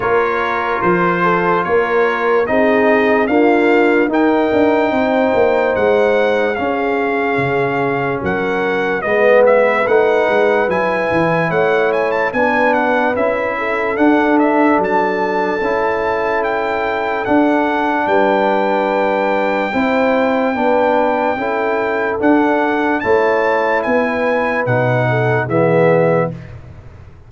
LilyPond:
<<
  \new Staff \with { instrumentName = "trumpet" } { \time 4/4 \tempo 4 = 73 cis''4 c''4 cis''4 dis''4 | f''4 g''2 fis''4 | f''2 fis''4 dis''8 e''8 | fis''4 gis''4 fis''8 gis''16 a''16 gis''8 fis''8 |
e''4 fis''8 e''8 a''2 | g''4 fis''4 g''2~ | g''2. fis''4 | a''4 gis''4 fis''4 e''4 | }
  \new Staff \with { instrumentName = "horn" } { \time 4/4 ais'4. a'8 ais'4 gis'4 | f'4 ais'4 c''2 | gis'2 ais'4 b'4~ | b'2 cis''4 b'4~ |
b'8 a'2.~ a'8~ | a'2 b'2 | c''4 b'4 a'2 | cis''4 b'4. a'8 gis'4 | }
  \new Staff \with { instrumentName = "trombone" } { \time 4/4 f'2. dis'4 | ais4 dis'2. | cis'2. b4 | dis'4 e'2 d'4 |
e'4 d'2 e'4~ | e'4 d'2. | e'4 d'4 e'4 d'4 | e'2 dis'4 b4 | }
  \new Staff \with { instrumentName = "tuba" } { \time 4/4 ais4 f4 ais4 c'4 | d'4 dis'8 d'8 c'8 ais8 gis4 | cis'4 cis4 fis4 gis4 | a8 gis8 fis8 e8 a4 b4 |
cis'4 d'4 fis4 cis'4~ | cis'4 d'4 g2 | c'4 b4 cis'4 d'4 | a4 b4 b,4 e4 | }
>>